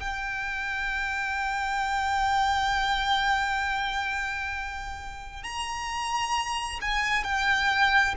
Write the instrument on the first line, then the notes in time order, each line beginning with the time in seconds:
violin
0.00 G5
5.44 A#5
6.82 G#5
7.24 G5